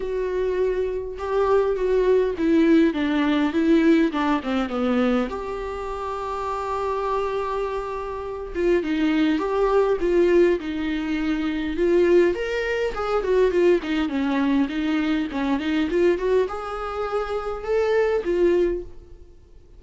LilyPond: \new Staff \with { instrumentName = "viola" } { \time 4/4 \tempo 4 = 102 fis'2 g'4 fis'4 | e'4 d'4 e'4 d'8 c'8 | b4 g'2.~ | g'2~ g'8 f'8 dis'4 |
g'4 f'4 dis'2 | f'4 ais'4 gis'8 fis'8 f'8 dis'8 | cis'4 dis'4 cis'8 dis'8 f'8 fis'8 | gis'2 a'4 f'4 | }